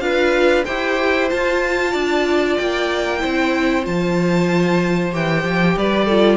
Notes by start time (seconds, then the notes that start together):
0.00 D4 F4 B4 F5
0.65 E4 G4 C5 G5
1.29 F4 A5
1.91 D4 D5
2.57 A#3 G5
3.19 C4 E4 C5
3.83 F3 F4 A5
5.12 E3 G4 G5
5.43 F3
5.77 G3 B4 D5
6.05 F4 A4